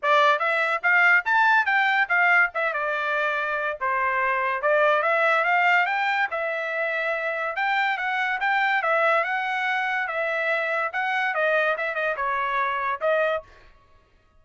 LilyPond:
\new Staff \with { instrumentName = "trumpet" } { \time 4/4 \tempo 4 = 143 d''4 e''4 f''4 a''4 | g''4 f''4 e''8 d''4.~ | d''4 c''2 d''4 | e''4 f''4 g''4 e''4~ |
e''2 g''4 fis''4 | g''4 e''4 fis''2 | e''2 fis''4 dis''4 | e''8 dis''8 cis''2 dis''4 | }